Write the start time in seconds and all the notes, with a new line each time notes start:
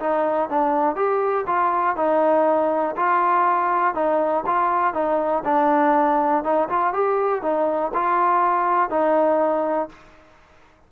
0.00 D#4
0.49 D4
0.96 G4
1.47 F4
1.96 D#4
2.96 F4
3.95 D#4
4.46 F4
4.94 D#4
5.45 D4
6.44 D#4
6.69 F4
6.93 G4
7.42 D#4
7.94 F4
8.90 D#4